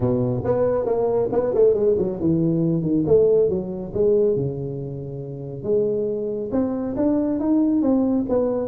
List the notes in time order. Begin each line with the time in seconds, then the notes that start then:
0.00 B2
0.44 B3
0.85 A#3
1.32 B3
1.54 A3
1.74 G#3
1.97 F#3
2.20 E3
2.82 D#3
3.06 A3
3.49 F#3
3.93 G#3
4.36 C#3
5.63 G#3
6.51 C4
6.96 D4
7.39 D#4
7.81 C4
8.28 B3